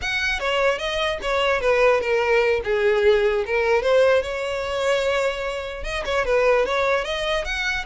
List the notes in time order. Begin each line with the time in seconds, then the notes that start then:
0.01 F#5
0.39 C#5
0.78 D#5
1.22 C#5
1.60 B4
2.00 A#4
2.64 G#4
3.45 A#4
3.82 C5
4.22 C#5
5.83 D#5
6.05 C#5
6.25 B4
6.65 C#5
7.04 D#5
7.45 F#5